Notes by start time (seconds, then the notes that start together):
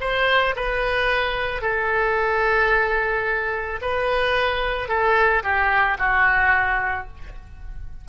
0.00 C5
0.56 B4
1.62 A4
3.81 B4
4.88 A4
5.43 G4
5.98 F#4